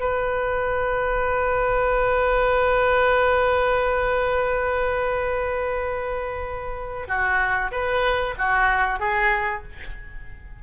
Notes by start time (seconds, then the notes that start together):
0.00 B4
7.09 F#4
7.72 B4
8.39 F#4
9.00 G#4